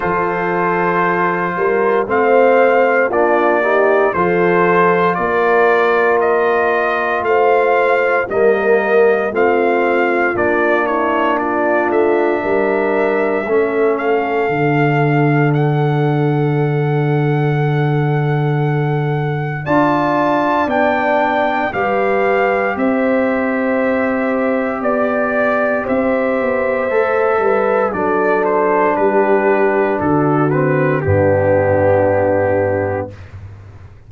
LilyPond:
<<
  \new Staff \with { instrumentName = "trumpet" } { \time 4/4 \tempo 4 = 58 c''2 f''4 d''4 | c''4 d''4 dis''4 f''4 | dis''4 f''4 d''8 cis''8 d''8 e''8~ | e''4. f''4. fis''4~ |
fis''2. a''4 | g''4 f''4 e''2 | d''4 e''2 d''8 c''8 | b'4 a'8 b'8 g'2 | }
  \new Staff \with { instrumentName = "horn" } { \time 4/4 a'4. ais'8 c''4 f'8 g'8 | a'4 ais'2 c''4 | ais'4 f'4. e'8 f'4 | ais'4 a'2.~ |
a'2. d''4~ | d''4 b'4 c''2 | d''4 c''4. b'8 a'4 | g'4 fis'4 d'2 | }
  \new Staff \with { instrumentName = "trombone" } { \time 4/4 f'2 c'4 d'8 dis'8 | f'1 | ais4 c'4 d'2~ | d'4 cis'4 d'2~ |
d'2. f'4 | d'4 g'2.~ | g'2 a'4 d'4~ | d'4. c'8 b2 | }
  \new Staff \with { instrumentName = "tuba" } { \time 4/4 f4. g8 a4 ais4 | f4 ais2 a4 | g4 a4 ais4. a8 | g4 a4 d2~ |
d2. d'4 | b4 g4 c'2 | b4 c'8 b8 a8 g8 fis4 | g4 d4 g,2 | }
>>